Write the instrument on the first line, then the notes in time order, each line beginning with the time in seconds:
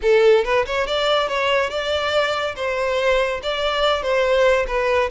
violin
0.02 A4
0.44 B4
0.66 C#5
0.86 D5
1.28 C#5
1.69 D5
2.55 C5
3.42 D5
4.02 C5
4.67 B4